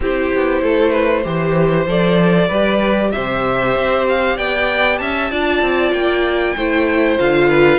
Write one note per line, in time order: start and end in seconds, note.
0.00 0.31 C4
0.00 1.23 E4
0.00 0.62 G4
0.00 1.89 C5
0.34 0.62 B3
0.62 1.25 A3
0.62 0.90 A4
0.90 1.22 B4
1.23 1.86 E3
1.23 1.86 G4
1.23 2.47 C5
1.86 2.49 F3
1.86 2.50 A4
1.86 3.11 D5
2.47 3.12 G3
2.47 5.31 G4
2.47 3.10 B4
3.11 3.76 C3
3.11 4.36 C5
3.11 4.05 E5
3.76 4.38 C4
4.09 4.37 F5
4.36 5.00 B3
4.36 4.99 D5
4.36 4.98 G5
4.98 5.31 C#4
4.98 5.31 E5
4.98 5.92 A5
5.31 5.61 D4
5.31 6.56 F4
5.31 6.56 D5
5.61 5.92 C4
5.92 6.54 A#3
5.92 7.18 G5
6.56 7.18 A3
6.56 7.18 E4
6.56 7.48 C5
7.18 7.79 D3
7.18 7.79 F4
7.18 7.79 F5
7.48 7.79 B4